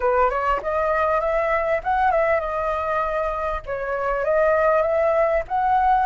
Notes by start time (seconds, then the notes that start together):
0.00 B4
0.30 C#5
0.62 D#5
1.20 E5
1.83 F#5
2.11 E5
2.40 D#5
3.66 C#5
4.24 D#5
4.82 E5
5.47 F#5